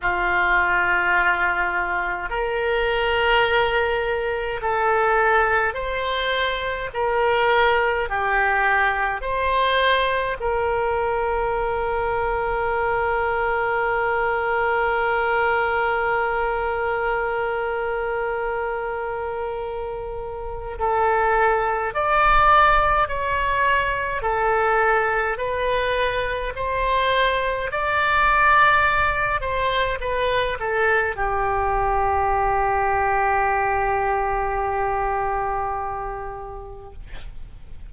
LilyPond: \new Staff \with { instrumentName = "oboe" } { \time 4/4 \tempo 4 = 52 f'2 ais'2 | a'4 c''4 ais'4 g'4 | c''4 ais'2.~ | ais'1~ |
ais'2 a'4 d''4 | cis''4 a'4 b'4 c''4 | d''4. c''8 b'8 a'8 g'4~ | g'1 | }